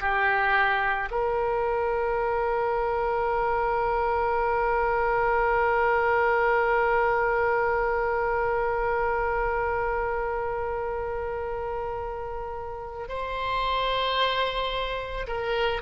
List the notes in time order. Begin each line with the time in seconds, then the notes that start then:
0.00 G4
1.11 A#4
13.08 C5
15.27 A#4